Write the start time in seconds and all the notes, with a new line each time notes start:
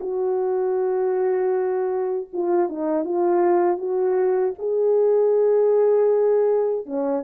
0.00 F#4
2.33 F4
2.69 D#4
3.04 F4
3.78 F#4
4.58 G#4
6.86 C#4